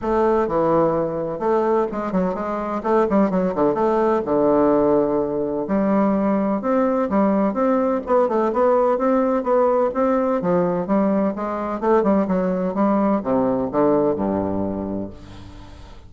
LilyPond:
\new Staff \with { instrumentName = "bassoon" } { \time 4/4 \tempo 4 = 127 a4 e2 a4 | gis8 fis8 gis4 a8 g8 fis8 d8 | a4 d2. | g2 c'4 g4 |
c'4 b8 a8 b4 c'4 | b4 c'4 f4 g4 | gis4 a8 g8 fis4 g4 | c4 d4 g,2 | }